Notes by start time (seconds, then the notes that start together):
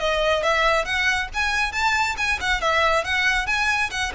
0.00 D#5
0.43 E5
0.85 F#5
1.34 G#5
1.73 A5
2.18 G#5
2.41 F#5
2.61 E5
3.05 F#5
3.47 G#5
3.91 F#5